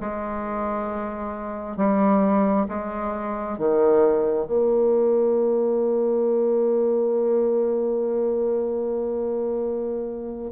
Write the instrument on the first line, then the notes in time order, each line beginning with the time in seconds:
bassoon
0.00 G#3
1.77 G3
2.68 G#3
3.58 D#3
4.47 A#3